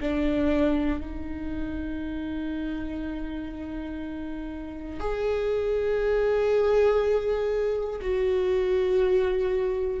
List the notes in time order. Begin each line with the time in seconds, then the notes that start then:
0.00 D4
1.00 D#4
5.00 G#4
8.00 F#4